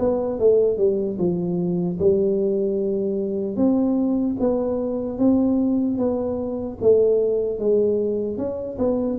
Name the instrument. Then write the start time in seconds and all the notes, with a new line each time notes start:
tuba
0.00 B3
0.40 A3
0.78 G3
1.19 F3
2.00 G3
3.57 C4
4.40 B3
5.19 C4
5.99 B3
6.81 A3
7.60 G#3
8.38 C#4
8.79 B3